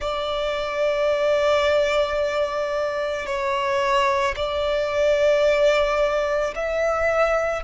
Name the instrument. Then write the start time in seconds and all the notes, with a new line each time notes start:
violin
0.00 D5
3.25 C#5
4.36 D5
6.55 E5